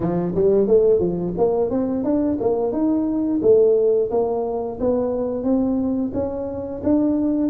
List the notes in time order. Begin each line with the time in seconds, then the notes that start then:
0.00 F3
0.35 G3
0.67 A3
0.99 F3
1.37 A#3
1.70 C4
2.03 D4
2.40 A#3
2.72 D#4
3.42 A3
4.11 A#3
4.79 B3
5.43 C4
6.13 C#4
6.83 D4